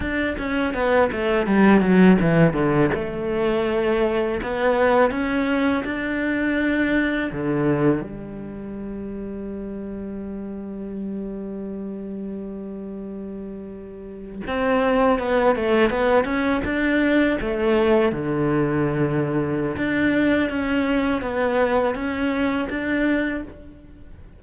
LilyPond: \new Staff \with { instrumentName = "cello" } { \time 4/4 \tempo 4 = 82 d'8 cis'8 b8 a8 g8 fis8 e8 d8 | a2 b4 cis'4 | d'2 d4 g4~ | g1~ |
g2.~ g8. c'16~ | c'8. b8 a8 b8 cis'8 d'4 a16~ | a8. d2~ d16 d'4 | cis'4 b4 cis'4 d'4 | }